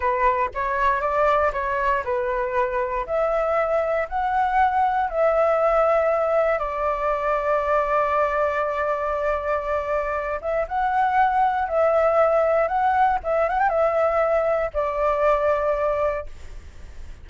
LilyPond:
\new Staff \with { instrumentName = "flute" } { \time 4/4 \tempo 4 = 118 b'4 cis''4 d''4 cis''4 | b'2 e''2 | fis''2 e''2~ | e''4 d''2.~ |
d''1~ | d''8 e''8 fis''2 e''4~ | e''4 fis''4 e''8 fis''16 g''16 e''4~ | e''4 d''2. | }